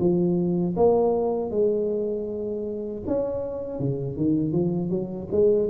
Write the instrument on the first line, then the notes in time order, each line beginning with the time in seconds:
tuba
0.00 F3
0.77 A#3
1.51 G#3
3.07 C#4
3.80 C#3
4.17 D#3
4.53 F3
4.90 F#3
5.32 G#3